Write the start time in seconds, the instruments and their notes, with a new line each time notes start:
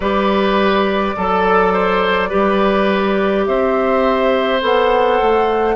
0.00 bassoon G3, clarinet G4, oboe B4, flute D5
1.17 bassoon F#3, oboe A4, clarinet A4
1.73 oboe C5
2.29 bassoon G3, clarinet G4, oboe B4
3.45 bassoon C4, oboe C5, flute E5
4.61 bassoon B3, clarinet A4, flute F#5
5.21 bassoon A3